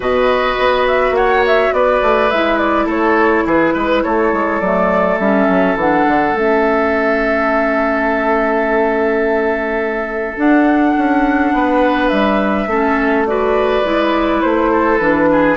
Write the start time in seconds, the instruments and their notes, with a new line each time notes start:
0.00 bassoon B2, clarinet F#4, oboe B4, flute D#5
0.58 bassoon B3
0.87 flute E5
1.10 bassoon A#3, oboe C#5, flute F#5
1.46 flute E5
1.72 bassoon B3, oboe B4, flute D5
2.02 bassoon A3
2.30 bassoon G#3, clarinet E4, flute E5
2.57 flute D5
2.86 bassoon A3, oboe A4, flute C#5
3.45 bassoon E3, oboe G#4, flute B4
3.73 bassoon G#3, oboe B4
4.03 bassoon A3, oboe A4, flute C#5
4.32 bassoon G#3
4.60 bassoon F#3, clarinet A3, flute D5
5.19 bassoon G3, clarinet C#4, flute E5
5.48 bassoon F#3
5.75 bassoon E3, clarinet D4, flute F#5
6.07 bassoon D3
6.32 bassoon A3, clarinet C#4, flute E5
10.37 bassoon D4, clarinet D4, flute F#5
10.97 bassoon C#4
11.53 bassoon B3, oboe B4
12.08 bassoon G3, flute E5
12.66 bassoon A3, clarinet C#4, oboe A4
13.26 clarinet F#4, oboe B4, flute D5
13.84 bassoon G#3, clarinet E4
14.41 bassoon A3, flute C5
14.71 oboe A4
14.98 bassoon E3, clarinet D4, flute B4
15.31 oboe G#4